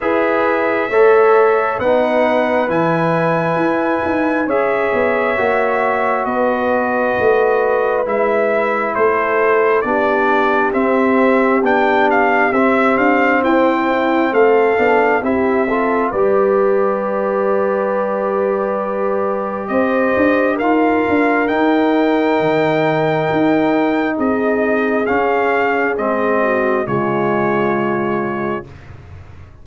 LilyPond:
<<
  \new Staff \with { instrumentName = "trumpet" } { \time 4/4 \tempo 4 = 67 e''2 fis''4 gis''4~ | gis''4 e''2 dis''4~ | dis''4 e''4 c''4 d''4 | e''4 g''8 f''8 e''8 f''8 g''4 |
f''4 e''4 d''2~ | d''2 dis''4 f''4 | g''2. dis''4 | f''4 dis''4 cis''2 | }
  \new Staff \with { instrumentName = "horn" } { \time 4/4 b'4 cis''4 b'2~ | b'4 cis''2 b'4~ | b'2 a'4 g'4~ | g'2. c''8 e'8 |
a'4 g'8 a'8 b'2~ | b'2 c''4 ais'4~ | ais'2. gis'4~ | gis'4. fis'8 f'2 | }
  \new Staff \with { instrumentName = "trombone" } { \time 4/4 gis'4 a'4 dis'4 e'4~ | e'4 gis'4 fis'2~ | fis'4 e'2 d'4 | c'4 d'4 c'2~ |
c'8 d'8 e'8 f'8 g'2~ | g'2. f'4 | dis'1 | cis'4 c'4 gis2 | }
  \new Staff \with { instrumentName = "tuba" } { \time 4/4 e'4 a4 b4 e4 | e'8 dis'8 cis'8 b8 ais4 b4 | a4 gis4 a4 b4 | c'4 b4 c'8 d'8 e'4 |
a8 b8 c'4 g2~ | g2 c'8 d'8 dis'8 d'8 | dis'4 dis4 dis'4 c'4 | cis'4 gis4 cis2 | }
>>